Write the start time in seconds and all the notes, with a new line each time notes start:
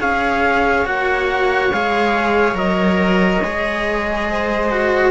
0.00 C#4 G#4 C#5 F5
0.85 A#3 F#4 F#5
1.72 G#3 G#4 F5
2.54 F#3 A#4 D#5
3.43 G#3 G#4
4.30 C5
4.71 F#4